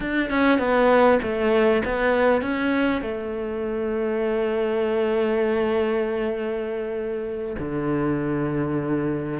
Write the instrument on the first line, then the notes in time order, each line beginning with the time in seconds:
cello
0.00 D4
0.29 C#4
0.58 B3
1.22 A3
1.85 B3
2.41 C#4
3.01 A3
7.59 D3